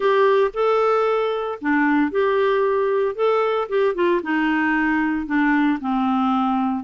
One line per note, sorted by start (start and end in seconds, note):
0.00 0.51 G4
0.53 1.58 A4
1.61 2.11 D4
2.11 3.15 G4
3.15 3.67 A4
3.68 3.94 G4
3.94 4.21 F4
4.22 5.26 D#4
5.26 5.78 D4
5.80 6.84 C4